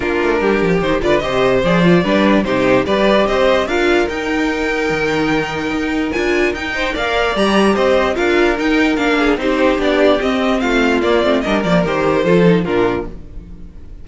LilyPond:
<<
  \new Staff \with { instrumentName = "violin" } { \time 4/4 \tempo 4 = 147 ais'2 c''8 d''8 dis''4 | d''2 c''4 d''4 | dis''4 f''4 g''2~ | g''2. gis''4 |
g''4 f''4 ais''4 dis''4 | f''4 g''4 f''4 c''4 | d''4 dis''4 f''4 d''4 | dis''8 d''8 c''2 ais'4 | }
  \new Staff \with { instrumentName = "violin" } { \time 4/4 f'4 g'4. b'8 c''4~ | c''4 b'4 g'4 b'4 | c''4 ais'2.~ | ais'1~ |
ais'8 c''8 d''2 c''4 | ais'2~ ais'8 gis'8 g'4~ | g'2 f'2 | ais'2 a'4 f'4 | }
  \new Staff \with { instrumentName = "viola" } { \time 4/4 d'2 dis'8 f'8 g'4 | gis'8 f'8 d'4 dis'4 g'4~ | g'4 f'4 dis'2~ | dis'2. f'4 |
dis'4 ais'4 g'2 | f'4 dis'4 d'4 dis'4 | d'4 c'2 ais8 c'8 | d'8 ais8 g'4 f'8 dis'8 d'4 | }
  \new Staff \with { instrumentName = "cello" } { \time 4/4 ais8 a8 g8 f8 dis8 d8 c4 | f4 g4 c4 g4 | c'4 d'4 dis'2 | dis2 dis'4 d'4 |
dis'4 ais4 g4 c'4 | d'4 dis'4 ais4 c'4 | b4 c'4 a4 ais8 a8 | g8 f8 dis4 f4 ais,4 | }
>>